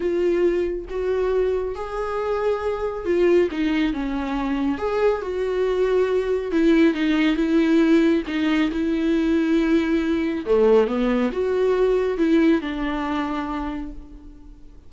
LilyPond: \new Staff \with { instrumentName = "viola" } { \time 4/4 \tempo 4 = 138 f'2 fis'2 | gis'2. f'4 | dis'4 cis'2 gis'4 | fis'2. e'4 |
dis'4 e'2 dis'4 | e'1 | a4 b4 fis'2 | e'4 d'2. | }